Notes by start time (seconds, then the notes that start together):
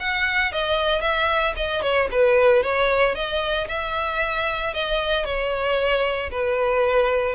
0.00 F#5
0.53 D#5
1.02 E5
1.57 D#5
1.82 C#5
2.12 B4
2.64 C#5
3.15 D#5
3.69 E5
4.74 D#5
5.26 C#5
6.31 B4